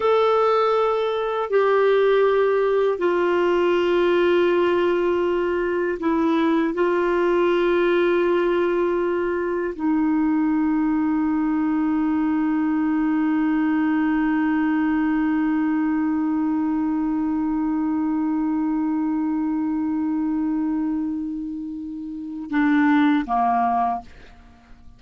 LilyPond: \new Staff \with { instrumentName = "clarinet" } { \time 4/4 \tempo 4 = 80 a'2 g'2 | f'1 | e'4 f'2.~ | f'4 dis'2.~ |
dis'1~ | dis'1~ | dis'1~ | dis'2 d'4 ais4 | }